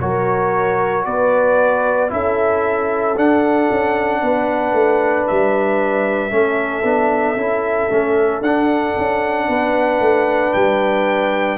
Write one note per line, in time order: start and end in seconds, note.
0.00 1.06 F#3
0.00 2.09 F#4
0.00 1.06 A#4
0.00 1.05 C#5
1.05 2.11 B3
1.05 2.12 B4
1.05 2.10 D5
2.09 3.16 C#4
2.09 3.15 E4
2.09 4.21 A4
2.09 3.18 E5
3.16 3.69 D4
3.16 6.30 D4
3.16 5.27 F#5
3.71 4.22 C#4
4.21 4.73 B3
4.21 6.32 B4
4.73 5.25 A3
5.27 6.31 G3
5.27 8.43 E5
6.30 6.83 A3
6.30 6.83 C#4
6.30 9.48 A4
6.83 7.36 B3
6.83 7.37 D4
7.36 7.89 C#4
7.36 7.90 E4
7.90 8.41 A3
7.90 8.43 C#4
8.41 8.94 D4
8.41 11.58 D4
8.41 10.54 F#5
8.97 9.48 C#4
9.48 10.00 B3
9.48 11.58 B4
10.00 10.53 A3
10.54 11.58 G3
10.54 11.58 G5